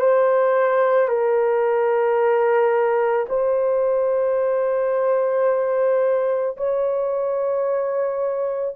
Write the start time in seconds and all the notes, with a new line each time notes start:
0.00 C5
1.08 A#4
3.29 C5
6.57 C#5